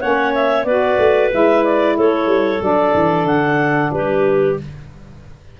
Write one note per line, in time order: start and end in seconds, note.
0.00 0.64 A#3
0.00 0.66 C#4
0.00 0.66 C#5
0.00 0.33 F#5
0.34 0.64 E5
0.64 0.97 B3
0.64 1.31 F#4
0.64 1.96 B4
0.64 1.29 D5
0.98 1.30 A3
1.31 1.97 G#3
1.31 2.60 E4
1.31 1.64 E5
1.64 1.97 D5
1.97 2.26 A3
1.97 3.92 A4
1.97 2.62 C#5
2.26 2.59 G3
2.60 2.93 F#3
2.60 4.56 D4
2.60 3.27 D5
2.94 3.24 E3
3.24 3.90 D3
3.24 3.91 F#5
3.91 4.57 G3
3.91 4.60 G4
3.91 4.56 B4